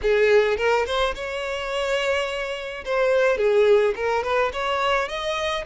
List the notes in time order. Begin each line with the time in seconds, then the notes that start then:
0.02 G#4
0.57 A#4
0.86 C5
1.14 C#5
2.84 C5
3.37 G#4
3.95 A#4
4.23 B4
4.52 C#5
5.08 D#5